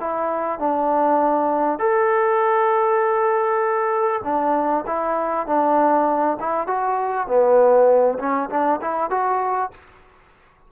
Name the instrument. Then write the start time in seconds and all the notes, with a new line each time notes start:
trombone
0.00 E4
0.59 D4
1.79 A4
4.24 D4
4.86 E4
5.46 D4
6.39 E4
6.67 F#4
7.27 B3
8.19 C#4
8.50 D4
8.81 E4
9.10 F#4